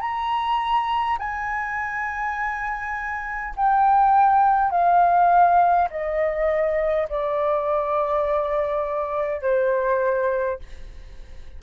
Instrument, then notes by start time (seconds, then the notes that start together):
flute
0.00 A#5
1.19 G#5
3.56 G5
4.71 F5
5.90 D#5
7.09 D5
9.41 C5